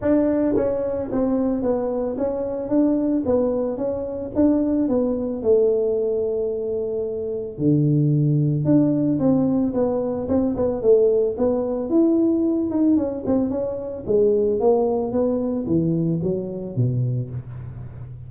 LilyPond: \new Staff \with { instrumentName = "tuba" } { \time 4/4 \tempo 4 = 111 d'4 cis'4 c'4 b4 | cis'4 d'4 b4 cis'4 | d'4 b4 a2~ | a2 d2 |
d'4 c'4 b4 c'8 b8 | a4 b4 e'4. dis'8 | cis'8 c'8 cis'4 gis4 ais4 | b4 e4 fis4 b,4 | }